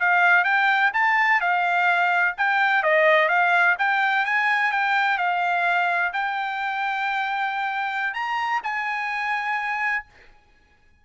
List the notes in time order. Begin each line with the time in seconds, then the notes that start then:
0.00 F5
0.44 G5
0.94 A5
1.41 F5
2.37 G5
2.83 D#5
3.29 F5
3.79 G5
4.25 G#5
4.72 G5
5.18 F5
6.13 G5
8.14 A#5
8.63 G#5